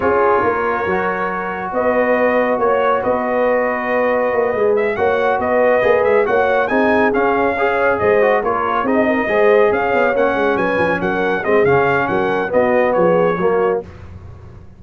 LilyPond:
<<
  \new Staff \with { instrumentName = "trumpet" } { \time 4/4 \tempo 4 = 139 cis''1 | dis''2 cis''4 dis''4~ | dis''2. e''8 fis''8~ | fis''8 dis''4. e''8 fis''4 gis''8~ |
gis''8 f''2 dis''4 cis''8~ | cis''8 dis''2 f''4 fis''8~ | fis''8 gis''4 fis''4 dis''8 f''4 | fis''4 dis''4 cis''2 | }
  \new Staff \with { instrumentName = "horn" } { \time 4/4 gis'4 ais'2. | b'2 cis''4 b'4~ | b'2.~ b'8 cis''8~ | cis''8 b'2 cis''4 gis'8~ |
gis'4. cis''4 c''4 ais'8~ | ais'8 gis'8 ais'8 c''4 cis''4.~ | cis''8 b'4 ais'4 gis'4. | ais'4 fis'4 gis'4 fis'4 | }
  \new Staff \with { instrumentName = "trombone" } { \time 4/4 f'2 fis'2~ | fis'1~ | fis'2~ fis'8 gis'4 fis'8~ | fis'4. gis'4 fis'4 dis'8~ |
dis'8 cis'4 gis'4. fis'8 f'8~ | f'8 dis'4 gis'2 cis'8~ | cis'2~ cis'8 c'8 cis'4~ | cis'4 b2 ais4 | }
  \new Staff \with { instrumentName = "tuba" } { \time 4/4 cis'4 ais4 fis2 | b2 ais4 b4~ | b2 ais8 gis4 ais8~ | ais8 b4 ais8 gis8 ais4 c'8~ |
c'8 cis'2 gis4 ais8~ | ais8 c'4 gis4 cis'8 b8 ais8 | gis8 fis8 f8 fis4 gis8 cis4 | fis4 b4 f4 fis4 | }
>>